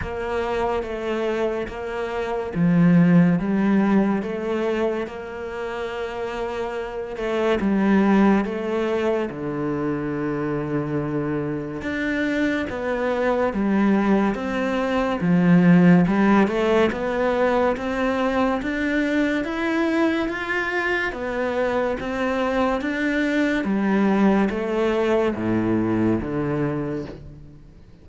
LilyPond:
\new Staff \with { instrumentName = "cello" } { \time 4/4 \tempo 4 = 71 ais4 a4 ais4 f4 | g4 a4 ais2~ | ais8 a8 g4 a4 d4~ | d2 d'4 b4 |
g4 c'4 f4 g8 a8 | b4 c'4 d'4 e'4 | f'4 b4 c'4 d'4 | g4 a4 a,4 d4 | }